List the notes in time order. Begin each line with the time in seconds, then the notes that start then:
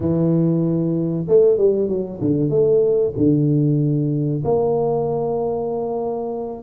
0.00 E3
1.28 A3
1.57 G3
1.88 F#3
2.21 D3
2.50 A3
3.16 D3
4.44 A#3